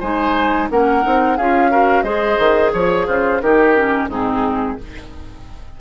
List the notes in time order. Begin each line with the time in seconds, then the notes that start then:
0.00 G#3 D#4 C5 G#5
0.71 A#3 C#4 A#4 F#5
1.03 C4 D#4
1.37 C#4 F4 G#4 F5
1.71 F#4 A#4
2.03 G#3 G#4 C5 D#5
2.39 D#3
2.73 F3 C#5
3.07 C#3 F4 C5
3.41 D#3 D#4 G4 A#4
3.76 C#4
4.09 G#2 C4 D#4 G#4